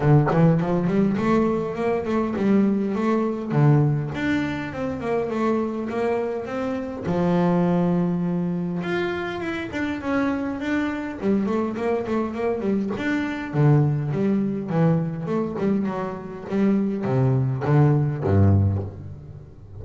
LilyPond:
\new Staff \with { instrumentName = "double bass" } { \time 4/4 \tempo 4 = 102 d8 e8 f8 g8 a4 ais8 a8 | g4 a4 d4 d'4 | c'8 ais8 a4 ais4 c'4 | f2. f'4 |
e'8 d'8 cis'4 d'4 g8 a8 | ais8 a8 ais8 g8 d'4 d4 | g4 e4 a8 g8 fis4 | g4 c4 d4 g,4 | }